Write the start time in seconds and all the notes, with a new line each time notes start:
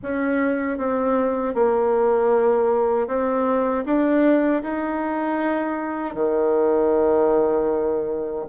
0.02 C#4
0.78 C4
1.54 A#3
3.07 C4
3.85 D4
4.62 D#4
6.14 D#3